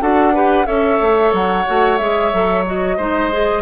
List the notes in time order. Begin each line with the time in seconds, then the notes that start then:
0.00 D4 F#4 A4 F#5
0.33 G4 B4
0.65 C#4 A4 C#5 E5
1.00 A3
1.32 F#3 F#5
1.66 A3 F#4
1.98 G#3 G#4 E5
2.32 F#3 A4
2.65 F#4 D#5
2.97 G#3 D#4 C5
3.32 G#4